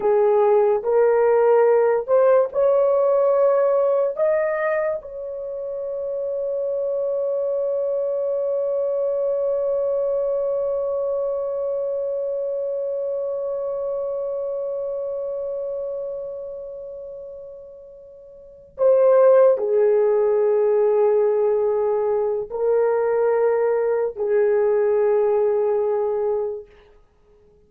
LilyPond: \new Staff \with { instrumentName = "horn" } { \time 4/4 \tempo 4 = 72 gis'4 ais'4. c''8 cis''4~ | cis''4 dis''4 cis''2~ | cis''1~ | cis''1~ |
cis''1~ | cis''2~ cis''8 c''4 gis'8~ | gis'2. ais'4~ | ais'4 gis'2. | }